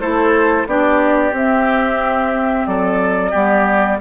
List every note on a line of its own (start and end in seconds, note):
0.00 0.66 A3
0.00 0.67 E4
0.00 0.67 A4
0.00 0.67 C5
0.66 1.32 B3
0.66 1.33 D4
0.66 2.68 G4
0.66 1.35 D5
1.32 2.66 C4
1.32 3.33 C4
1.32 2.66 E5
2.66 3.33 F#3
2.66 3.31 A4
2.66 4.00 D5
3.31 4.01 G3
3.31 4.00 B3
3.31 3.97 G4